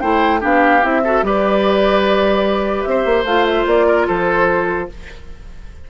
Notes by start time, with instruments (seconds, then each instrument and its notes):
0.00 bassoon A3, clarinet E4, oboe C5, flute G5
0.40 bassoon B3, clarinet D4, oboe G4, flute F5
0.82 bassoon C4, clarinet E4, flute E5
1.03 clarinet F#4, oboe A4
1.22 bassoon G3, clarinet G4, oboe B4, flute D5
2.83 bassoon C4, flute E5
2.89 oboe C5
3.05 bassoon A#3
3.24 bassoon A3, clarinet F4, flute F5
3.46 flute E5
3.66 bassoon A#3, flute D5
3.86 oboe A#4
4.07 bassoon F3, oboe A4, flute C5